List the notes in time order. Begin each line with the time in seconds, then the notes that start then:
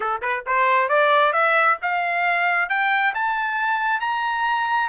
0.00 A4
0.21 B4
0.46 C5
0.88 D5
1.32 E5
1.82 F5
2.69 G5
3.14 A5
4.00 A#5